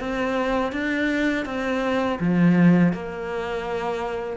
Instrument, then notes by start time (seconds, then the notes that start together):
cello
0.00 C4
0.73 D4
1.46 C4
2.20 F3
2.93 A#3